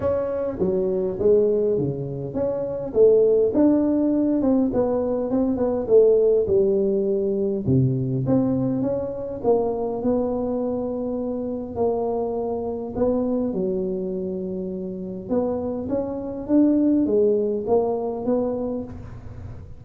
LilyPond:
\new Staff \with { instrumentName = "tuba" } { \time 4/4 \tempo 4 = 102 cis'4 fis4 gis4 cis4 | cis'4 a4 d'4. c'8 | b4 c'8 b8 a4 g4~ | g4 c4 c'4 cis'4 |
ais4 b2. | ais2 b4 fis4~ | fis2 b4 cis'4 | d'4 gis4 ais4 b4 | }